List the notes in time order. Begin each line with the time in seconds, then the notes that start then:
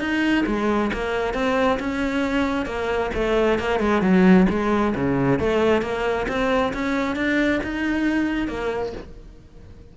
0.00 D#4
0.46 G#3
0.93 A#3
1.34 C4
1.80 C#4
2.66 A#3
3.14 A3
3.59 A#3
3.80 G#3
4.02 F#3
4.50 G#3
4.95 C#3
5.39 A3
5.82 A#3
6.28 C4
6.73 C#4
7.16 D4
7.63 D#4
8.48 A#3